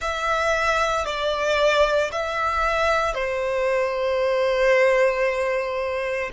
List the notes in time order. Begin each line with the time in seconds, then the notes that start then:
0.00 E5
1.05 D5
2.11 E5
3.14 C5